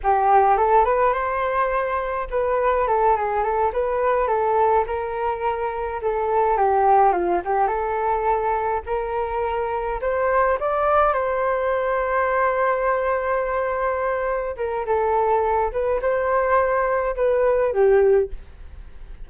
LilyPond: \new Staff \with { instrumentName = "flute" } { \time 4/4 \tempo 4 = 105 g'4 a'8 b'8 c''2 | b'4 a'8 gis'8 a'8 b'4 a'8~ | a'8 ais'2 a'4 g'8~ | g'8 f'8 g'8 a'2 ais'8~ |
ais'4. c''4 d''4 c''8~ | c''1~ | c''4. ais'8 a'4. b'8 | c''2 b'4 g'4 | }